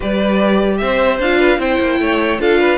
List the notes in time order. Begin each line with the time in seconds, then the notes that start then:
0.00 G3 G4 B4 D5
0.77 C4 C5 E5
1.19 D4 F4 F5
1.38 B4
1.58 C4 E4 C5 G5
1.79 A#3
1.99 A3 C#5
2.38 D4 F4 A4 F5
2.59 B4